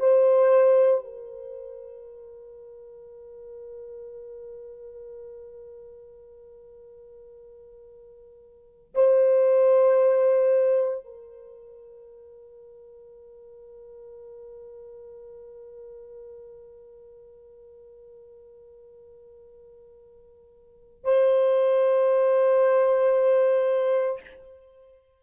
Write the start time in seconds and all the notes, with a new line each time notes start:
0.00 C5
1.05 A#4
8.95 C5
11.05 A#4
21.04 C5